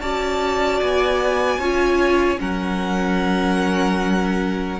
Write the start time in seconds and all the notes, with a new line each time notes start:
0.00 C#4 F#4 D5 A5
0.80 B3 G#5
1.58 C#4 F4 C#5
2.38 F#3 C#4 A#4 F#5